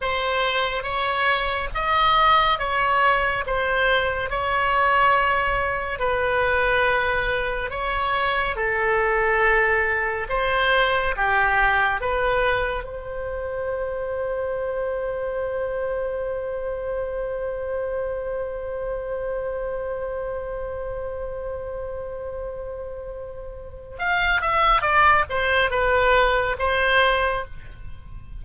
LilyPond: \new Staff \with { instrumentName = "oboe" } { \time 4/4 \tempo 4 = 70 c''4 cis''4 dis''4 cis''4 | c''4 cis''2 b'4~ | b'4 cis''4 a'2 | c''4 g'4 b'4 c''4~ |
c''1~ | c''1~ | c''1 | f''8 e''8 d''8 c''8 b'4 c''4 | }